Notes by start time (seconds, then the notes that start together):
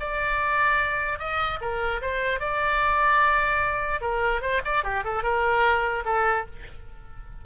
0.00 D5
1.19 D#5
1.61 A#4
2.01 C5
2.40 D5
4.01 A#4
4.41 C5
4.65 D5
4.84 G4
5.04 A4
5.23 A#4
6.05 A4